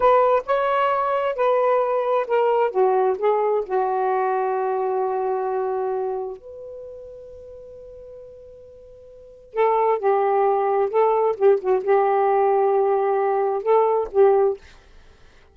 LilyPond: \new Staff \with { instrumentName = "saxophone" } { \time 4/4 \tempo 4 = 132 b'4 cis''2 b'4~ | b'4 ais'4 fis'4 gis'4 | fis'1~ | fis'2 b'2~ |
b'1~ | b'4 a'4 g'2 | a'4 g'8 fis'8 g'2~ | g'2 a'4 g'4 | }